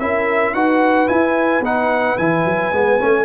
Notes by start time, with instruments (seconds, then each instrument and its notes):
0.00 tuba C#4, trombone E4, horn A#4, trumpet E5
0.53 tuba D#4, trombone F#4, horn B4, trumpet F#5
1.07 trombone E4, tuba E4, trumpet G#5
1.61 tuba B3, trombone D#4, trumpet F#5
2.18 tuba E3, trombone E4, trumpet G#5
2.45 tuba F#3
2.72 tuba G#3, trombone B3
3.00 tuba A3, trombone C#4